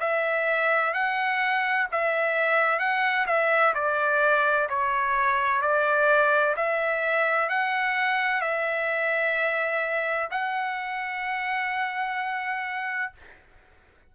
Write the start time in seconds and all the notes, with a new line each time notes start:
0.00 E5
0.94 F#5
1.92 E5
2.79 F#5
3.27 E5
3.75 D5
4.69 C#5
5.62 D5
6.57 E5
7.49 F#5
8.41 E5
10.31 F#5